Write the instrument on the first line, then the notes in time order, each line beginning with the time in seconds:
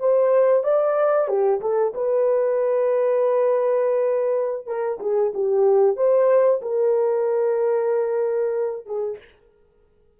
horn
0.00 C5
0.64 D5
1.28 G4
1.61 A4
1.95 B4
4.67 A#4
5.00 G#4
5.34 G4
5.97 C5
6.62 A#4
8.86 G#4